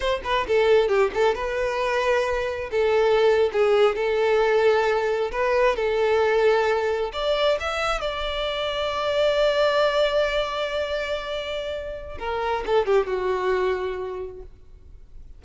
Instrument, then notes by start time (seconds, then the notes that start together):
violin
0.00 C5
0.24 B4
0.47 A4
0.88 G4
1.14 A4
1.34 B4
2.71 A4
3.52 G#4
3.95 A4
5.31 B4
5.76 A4
7.12 D5
7.60 E5
8.00 D5
12.18 A#4
12.65 A4
12.86 G4
13.07 F#4